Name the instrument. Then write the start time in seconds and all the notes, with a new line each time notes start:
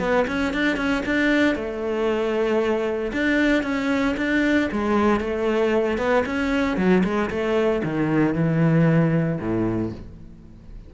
cello
0.00 B3
0.28 C#4
0.54 D4
0.77 C#4
1.06 D4
1.56 A3
3.13 D4
3.63 C#4
4.17 D4
4.72 G#3
5.20 A3
5.98 B3
6.26 C#4
6.77 F#3
7.04 G#3
7.30 A3
7.84 D#3
8.35 E3
9.41 A2